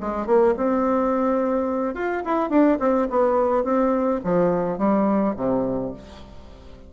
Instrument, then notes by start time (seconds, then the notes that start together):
bassoon
0.00 G#3
0.26 A#3
0.57 C4
1.94 F4
2.25 E4
2.49 D4
2.79 C4
3.10 B3
3.64 C4
4.24 F3
4.78 G3
5.36 C3